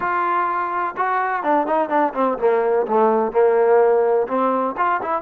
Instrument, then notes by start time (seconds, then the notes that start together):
trombone
0.00 F4
0.96 F#4
1.43 D4
1.67 D#4
1.89 D4
2.14 C4
2.38 A#3
2.87 A3
3.32 A#3
4.27 C4
4.77 F4
5.02 E4